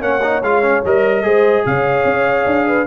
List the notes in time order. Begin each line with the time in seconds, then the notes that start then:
0.00 A#3 C#4 C#5 F#5
0.22 D#4
0.42 G#3 F4 F5
0.62 C#4
0.84 G3 A#4 D#5
1.23 G#3 G#4 C5
1.65 C#3 C#5 F5
2.04 C#4
2.46 D4
2.67 B4